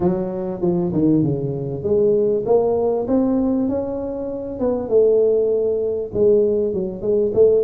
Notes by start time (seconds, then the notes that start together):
0.00 F#3
0.61 F3
0.92 D#3
1.23 C#3
1.83 G#3
2.45 A#3
3.07 C4
3.68 C#4
4.59 B3
4.88 A3
6.13 G#3
6.73 F#3
7.01 G#3
7.33 A3